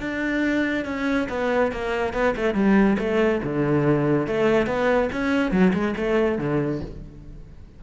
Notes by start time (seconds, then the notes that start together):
0.00 D4
0.85 C#4
1.29 B3
1.72 A#3
2.13 B3
2.36 A3
2.54 G3
2.99 A3
3.43 D3
4.27 A3
4.66 B3
5.12 C#4
5.51 F#3
5.73 G#3
5.96 A3
6.38 D3